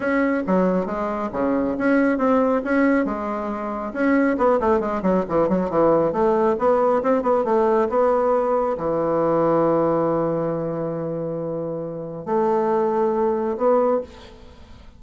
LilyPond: \new Staff \with { instrumentName = "bassoon" } { \time 4/4 \tempo 4 = 137 cis'4 fis4 gis4 cis4 | cis'4 c'4 cis'4 gis4~ | gis4 cis'4 b8 a8 gis8 fis8 | e8 fis8 e4 a4 b4 |
c'8 b8 a4 b2 | e1~ | e1 | a2. b4 | }